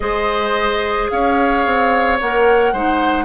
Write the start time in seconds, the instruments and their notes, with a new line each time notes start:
0.00 bassoon G#3, clarinet G#4, oboe C5, flute D#5
1.10 bassoon C#4, oboe C#5, flute F5
1.66 bassoon C4
2.20 bassoon A#3, clarinet A#4, flute F#5
2.72 bassoon G#3, clarinet D#4, oboe C5